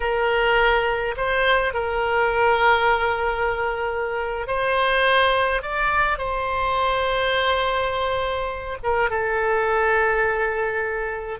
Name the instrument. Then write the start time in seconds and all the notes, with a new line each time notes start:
oboe
0.00 A#4
1.16 C5
1.73 A#4
4.47 C5
5.62 D5
6.17 C5
8.83 A#4
9.10 A4